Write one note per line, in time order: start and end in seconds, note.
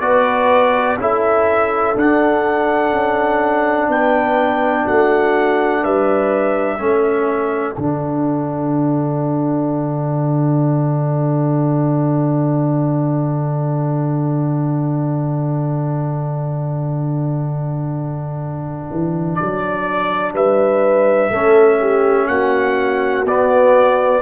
0.00 0.97 B3
0.00 0.97 F#4
0.00 0.99 B4
0.00 0.97 D5
0.97 1.94 C#4
0.97 1.95 E4
0.97 3.90 A4
0.97 1.98 E5
1.95 2.92 D4
1.95 6.79 D4
1.95 3.90 F#5
2.92 3.88 C#4
3.88 4.85 B3
3.88 4.84 B4
3.88 4.87 G5
4.84 5.84 A3
4.84 5.81 F#4
4.84 5.84 F#5
5.83 6.79 G3
5.83 6.78 B4
5.83 7.75 E5
6.78 7.76 A3
6.78 7.75 C#4
6.78 20.33 A4
7.75 18.90 D3
7.75 21.32 D4
7.75 19.35 F#5
18.91 19.39 E3
19.35 20.31 D5
19.41 20.33 F#3
20.33 21.30 G3
20.33 21.31 B4
20.33 22.27 E5
21.30 22.27 A3
21.30 23.26 C#4
21.30 21.79 A4
21.80 22.29 G4
22.27 23.24 A#3
22.27 24.22 F#4
22.27 23.24 F#5
23.24 24.21 B3
23.24 24.22 B3
23.24 24.22 D5